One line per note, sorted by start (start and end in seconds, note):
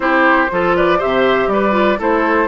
0.00 0.45 C4
0.00 0.48 E4
0.00 0.51 G4
0.00 0.74 C5
0.50 1.01 F3
0.50 0.98 F4
0.50 0.76 A4
0.76 0.98 B4
0.76 1.00 D5
0.98 1.47 C3
0.98 1.71 G4
0.98 1.48 C5
0.98 1.49 E5
1.47 1.97 G3
1.47 1.98 B4
1.47 1.99 D5
1.71 1.96 F4
1.98 2.48 A3
1.98 2.48 E4
1.98 2.48 A4
1.98 2.48 C5